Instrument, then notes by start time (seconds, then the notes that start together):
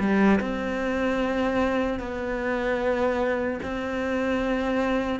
cello
0.00 G3
0.41 C4
2.00 B3
3.63 C4